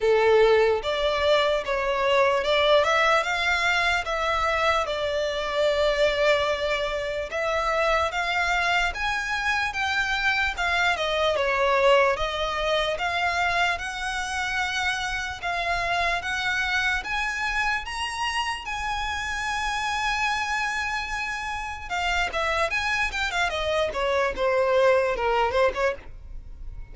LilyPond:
\new Staff \with { instrumentName = "violin" } { \time 4/4 \tempo 4 = 74 a'4 d''4 cis''4 d''8 e''8 | f''4 e''4 d''2~ | d''4 e''4 f''4 gis''4 | g''4 f''8 dis''8 cis''4 dis''4 |
f''4 fis''2 f''4 | fis''4 gis''4 ais''4 gis''4~ | gis''2. f''8 e''8 | gis''8 g''16 f''16 dis''8 cis''8 c''4 ais'8 c''16 cis''16 | }